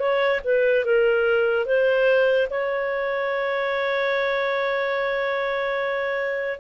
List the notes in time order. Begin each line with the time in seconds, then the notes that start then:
0.00 C#5
0.44 B4
0.85 A#4
1.66 C5
2.50 C#5